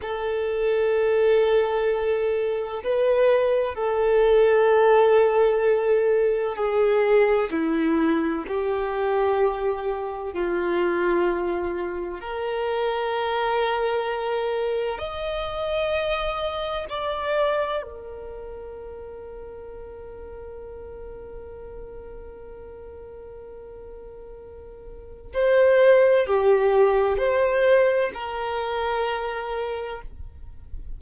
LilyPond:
\new Staff \with { instrumentName = "violin" } { \time 4/4 \tempo 4 = 64 a'2. b'4 | a'2. gis'4 | e'4 g'2 f'4~ | f'4 ais'2. |
dis''2 d''4 ais'4~ | ais'1~ | ais'2. c''4 | g'4 c''4 ais'2 | }